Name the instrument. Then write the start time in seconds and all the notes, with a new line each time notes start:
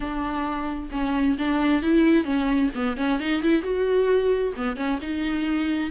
viola
0.00 D4
0.91 C#4
1.38 D4
1.82 E4
2.24 C#4
2.74 B3
2.97 C#4
3.19 D#4
3.42 E4
3.62 F#4
4.56 B3
4.76 C#4
5.01 D#4